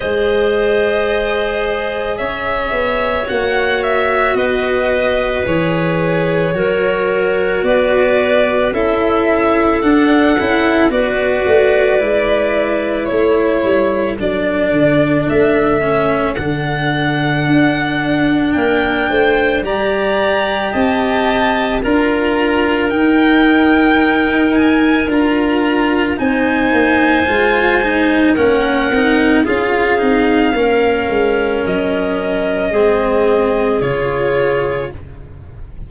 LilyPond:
<<
  \new Staff \with { instrumentName = "violin" } { \time 4/4 \tempo 4 = 55 dis''2 e''4 fis''8 e''8 | dis''4 cis''2 d''4 | e''4 fis''4 d''2 | cis''4 d''4 e''4 fis''4~ |
fis''4 g''4 ais''4 a''4 | ais''4 g''4. gis''8 ais''4 | gis''2 fis''4 f''4~ | f''4 dis''2 cis''4 | }
  \new Staff \with { instrumentName = "clarinet" } { \time 4/4 c''2 cis''2 | b'2 ais'4 b'4 | a'2 b'2 | a'1~ |
a'4 ais'8 c''8 d''4 dis''4 | ais'1 | c''2 ais'4 gis'4 | ais'2 gis'2 | }
  \new Staff \with { instrumentName = "cello" } { \time 4/4 gis'2. fis'4~ | fis'4 gis'4 fis'2 | e'4 d'8 e'8 fis'4 e'4~ | e'4 d'4. cis'8 d'4~ |
d'2 g'2 | f'4 dis'2 f'4 | dis'4 f'8 dis'8 cis'8 dis'8 f'8 dis'8 | cis'2 c'4 f'4 | }
  \new Staff \with { instrumentName = "tuba" } { \time 4/4 gis2 cis'8 b8 ais4 | b4 e4 fis4 b4 | cis'4 d'8 cis'8 b8 a8 gis4 | a8 g8 fis8 d8 a4 d4 |
d'4 ais8 a8 g4 c'4 | d'4 dis'2 d'4 | c'8 ais8 gis4 ais8 c'8 cis'8 c'8 | ais8 gis8 fis4 gis4 cis4 | }
>>